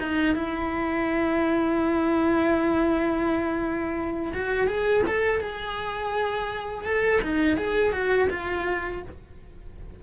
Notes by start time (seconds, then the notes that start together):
0.00 D#4
0.35 E4
4.34 F#4
4.68 G#4
5.08 A4
5.41 G#4
6.85 A4
7.22 D#4
7.57 G#4
7.93 F#4
8.30 F4